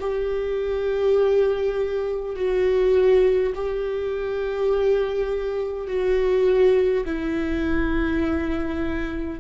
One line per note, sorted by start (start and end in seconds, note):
0.00 2.35 G4
2.35 3.53 F#4
3.55 5.87 G4
5.87 7.05 F#4
7.05 9.40 E4